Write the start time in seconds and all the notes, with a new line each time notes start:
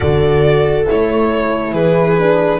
0.00 D3 F#4 A4 D5
0.86 A3 E4 C#5
1.71 E3 G#4 B4
2.18 D4